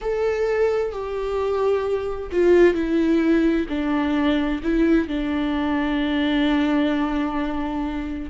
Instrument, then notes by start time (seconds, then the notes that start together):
viola
0.01 A4
0.91 G4
2.31 F4
2.74 E4
3.68 D4
4.63 E4
5.08 D4